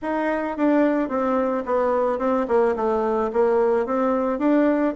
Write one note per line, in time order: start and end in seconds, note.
0.02 0.57 D#4
0.57 1.08 D4
1.08 1.63 C4
1.65 2.18 B3
2.18 2.46 C4
2.47 2.75 A#3
2.75 3.31 A3
3.33 3.86 A#3
3.86 4.39 C4
4.39 4.94 D4